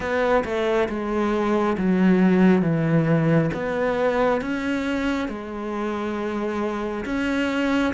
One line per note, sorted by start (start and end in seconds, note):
0.00 0.44 B3
0.44 0.88 A3
0.88 1.76 G#3
1.77 2.62 F#3
2.62 3.50 E3
3.53 4.41 B3
4.41 5.28 C#4
5.28 7.05 G#3
7.05 7.93 C#4